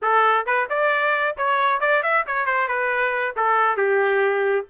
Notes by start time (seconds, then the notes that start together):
0.02 A4
0.46 B4
0.69 D5
1.37 C#5
1.80 D5
2.03 E5
2.27 C#5
2.45 C5
2.67 B4
3.36 A4
3.76 G4